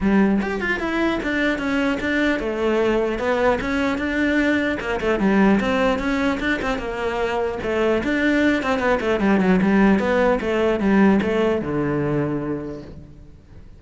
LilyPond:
\new Staff \with { instrumentName = "cello" } { \time 4/4 \tempo 4 = 150 g4 g'8 f'8 e'4 d'4 | cis'4 d'4 a2 | b4 cis'4 d'2 | ais8 a8 g4 c'4 cis'4 |
d'8 c'8 ais2 a4 | d'4. c'8 b8 a8 g8 fis8 | g4 b4 a4 g4 | a4 d2. | }